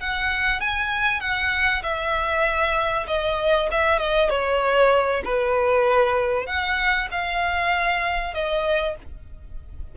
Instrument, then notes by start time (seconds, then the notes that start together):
violin
0.00 F#5
0.60 G#5
1.20 F#5
1.83 E5
3.07 D#5
3.71 E5
3.99 D#5
4.30 C#5
5.24 B4
6.46 F#5
7.11 F5
8.34 D#5